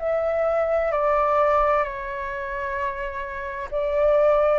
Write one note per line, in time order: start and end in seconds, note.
0.00 0.92 E5
0.92 1.85 D5
1.85 3.69 C#5
3.72 4.59 D5